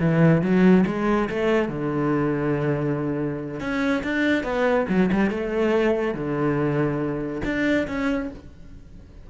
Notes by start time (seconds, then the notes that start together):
0.00 E3
0.42 F#3
0.86 G#3
1.30 A3
1.69 D3
3.60 C#4
4.04 D4
4.43 B3
4.89 F#3
5.12 G3
5.30 A3
6.14 D3
7.44 D4
7.87 C#4